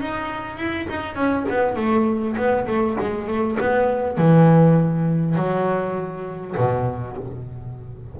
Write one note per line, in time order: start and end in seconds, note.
0.00 0.57 D#4
0.57 0.87 E4
0.89 1.15 D#4
1.15 1.45 C#4
1.49 1.76 B3
1.76 2.36 A3
2.36 2.66 B3
2.67 2.97 A3
3.00 3.27 G#3
3.27 3.57 A3
3.59 4.17 B3
4.17 5.35 E3
5.35 6.55 F#3
6.57 7.17 B2